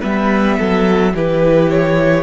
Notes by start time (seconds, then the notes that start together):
0.00 G3 B3 B4 E5
0.58 F#3 A4
1.13 E3 E4 G4 B4
1.69 C#5